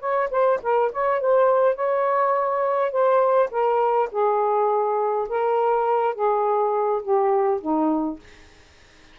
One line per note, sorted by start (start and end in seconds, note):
0.00 0.29 C#5
0.31 0.60 C5
0.62 0.92 A#4
0.92 1.21 C#5
1.21 1.75 C5
1.75 2.92 C#5
2.92 3.50 C5
3.51 4.09 A#4
4.12 5.29 G#4
5.29 6.15 A#4
6.15 7.02 G#4
7.02 7.61 G4
7.61 8.20 D#4